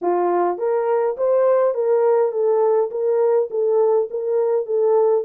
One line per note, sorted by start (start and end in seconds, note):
0.01 0.58 F4
0.58 1.16 A#4
1.17 1.74 C5
1.74 2.31 A#4
2.31 2.90 A4
2.90 3.48 A#4
3.50 4.08 A4
4.10 4.66 A#4
4.66 5.24 A4